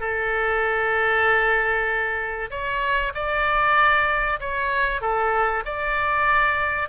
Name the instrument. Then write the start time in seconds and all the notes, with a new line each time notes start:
oboe
0.00 A4
2.50 C#5
3.14 D5
4.40 C#5
5.01 A4
5.65 D5